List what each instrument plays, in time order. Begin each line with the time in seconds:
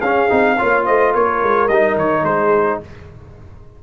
0.00 tuba C#4, trombone C#4, horn G#4, trumpet F5
0.29 tuba C4, trombone D#4
0.58 tuba A#3, trombone F4, horn C#5
0.86 tuba A3, horn C5, trumpet D#5
1.13 tuba A#3, horn A#4, trumpet C#5
1.42 tuba G#3
1.68 tuba G3, trombone D#4, trumpet D#5
1.96 tuba D#3, trumpet C#5
2.23 tuba G#3, horn G#4, trumpet C5